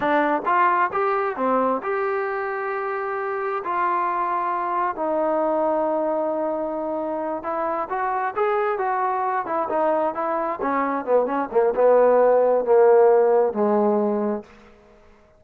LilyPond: \new Staff \with { instrumentName = "trombone" } { \time 4/4 \tempo 4 = 133 d'4 f'4 g'4 c'4 | g'1 | f'2. dis'4~ | dis'1~ |
dis'8 e'4 fis'4 gis'4 fis'8~ | fis'4 e'8 dis'4 e'4 cis'8~ | cis'8 b8 cis'8 ais8 b2 | ais2 gis2 | }